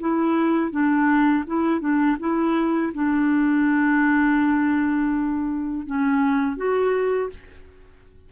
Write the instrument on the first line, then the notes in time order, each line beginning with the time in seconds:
clarinet
0.00 E4
0.71 D4
1.47 E4
1.80 D4
2.20 E4
2.94 D4
5.86 C#4
6.57 F#4